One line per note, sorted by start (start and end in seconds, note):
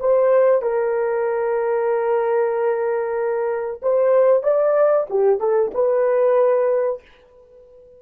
0.00 0.62 C5
0.62 3.81 A#4
3.83 4.44 C5
4.44 5.07 D5
5.10 5.41 G4
5.41 5.72 A4
5.75 7.02 B4